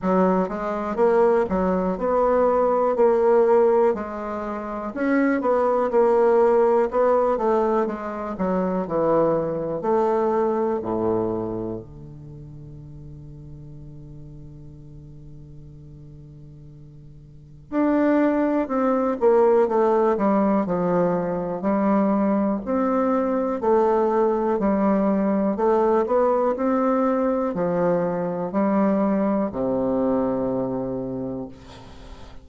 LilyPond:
\new Staff \with { instrumentName = "bassoon" } { \time 4/4 \tempo 4 = 61 fis8 gis8 ais8 fis8 b4 ais4 | gis4 cis'8 b8 ais4 b8 a8 | gis8 fis8 e4 a4 a,4 | d1~ |
d2 d'4 c'8 ais8 | a8 g8 f4 g4 c'4 | a4 g4 a8 b8 c'4 | f4 g4 c2 | }